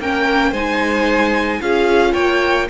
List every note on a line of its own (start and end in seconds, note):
0.00 0.52 A#3
0.00 0.55 C#4
0.00 0.51 A#4
0.00 0.54 G5
0.51 1.61 G#3
0.51 1.61 D#4
0.51 1.59 C5
0.51 1.62 G#5
1.61 2.15 C#4
1.61 2.69 F4
1.61 2.13 G#4
1.61 2.14 F5
2.13 2.69 A#3
2.13 2.67 C#5
2.13 2.68 G5